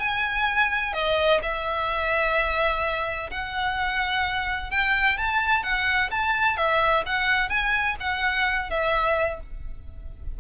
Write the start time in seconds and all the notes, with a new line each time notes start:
0.00 G#5
0.94 D#5
1.43 E5
3.31 F#5
4.71 G5
5.18 A5
5.64 F#5
6.11 A5
6.57 E5
7.06 F#5
7.50 G#5
8.00 F#5
8.70 E5